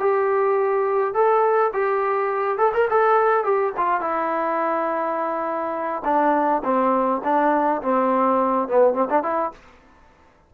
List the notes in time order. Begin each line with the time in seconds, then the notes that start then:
0.00 G4
1.15 A4
1.74 G4
2.58 A4
2.74 A#4
2.90 A4
3.44 G4
3.78 F4
4.01 E4
6.05 D4
6.65 C4
7.24 D4
7.82 C4
8.69 B3
8.94 C4
9.10 D4
9.23 E4